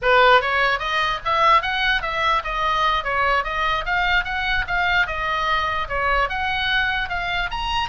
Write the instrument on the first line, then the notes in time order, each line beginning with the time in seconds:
oboe
0.02 B4
0.41 C#5
0.79 D#5
1.25 E5
1.62 F#5
2.02 E5
2.43 D#5
3.04 C#5
3.44 D#5
3.85 F5
4.24 F#5
4.67 F5
5.06 D#5
5.88 C#5
6.29 F#5
7.09 F5
7.51 A#5